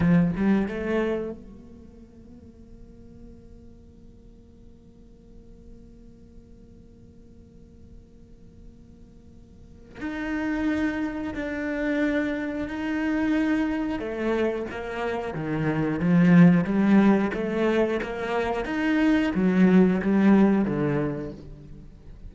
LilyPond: \new Staff \with { instrumentName = "cello" } { \time 4/4 \tempo 4 = 90 f8 g8 a4 ais2~ | ais1~ | ais1~ | ais2. dis'4~ |
dis'4 d'2 dis'4~ | dis'4 a4 ais4 dis4 | f4 g4 a4 ais4 | dis'4 fis4 g4 d4 | }